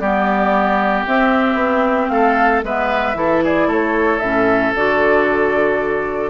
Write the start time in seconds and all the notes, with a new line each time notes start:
0.00 G3 B3 G4 D5
1.07 C4 E5
1.55 B3
2.08 A3 A4 F5
2.63 G#3 B3 B4 E5
3.15 E3 E4 A4
3.44 G#4 D5
3.67 A3 A4 C#5
4.20 A2 C#4 E5
4.75 D3 F#4 D5